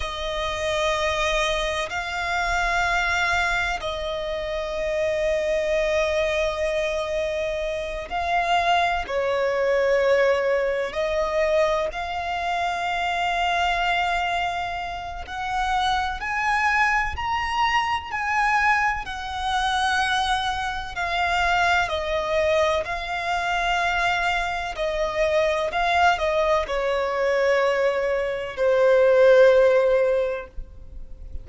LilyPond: \new Staff \with { instrumentName = "violin" } { \time 4/4 \tempo 4 = 63 dis''2 f''2 | dis''1~ | dis''8 f''4 cis''2 dis''8~ | dis''8 f''2.~ f''8 |
fis''4 gis''4 ais''4 gis''4 | fis''2 f''4 dis''4 | f''2 dis''4 f''8 dis''8 | cis''2 c''2 | }